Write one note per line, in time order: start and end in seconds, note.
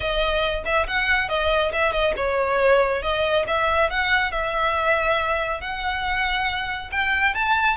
0.00 0.63 D#5
0.65 0.86 E5
0.87 1.28 F#5
1.28 1.71 D#5
1.72 1.92 E5
1.92 2.13 D#5
2.16 3.02 C#5
3.02 3.45 D#5
3.47 3.90 E5
3.90 4.31 F#5
4.31 5.60 E5
5.60 6.90 F#5
6.91 7.34 G5
7.34 7.76 A5